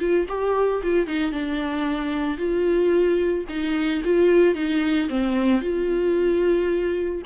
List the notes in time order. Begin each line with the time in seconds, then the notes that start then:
0.00 F4
0.29 G4
0.83 F4
1.07 D#4
1.32 D4
2.38 F4
3.49 D#4
4.05 F4
4.55 D#4
5.10 C4
5.62 F4